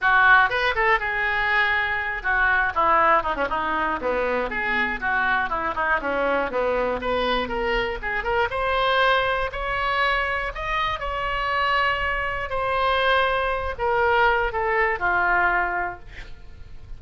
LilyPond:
\new Staff \with { instrumentName = "oboe" } { \time 4/4 \tempo 4 = 120 fis'4 b'8 a'8 gis'2~ | gis'8 fis'4 e'4 dis'16 cis'16 dis'4 | b4 gis'4 fis'4 e'8 dis'8 | cis'4 b4 b'4 ais'4 |
gis'8 ais'8 c''2 cis''4~ | cis''4 dis''4 cis''2~ | cis''4 c''2~ c''8 ais'8~ | ais'4 a'4 f'2 | }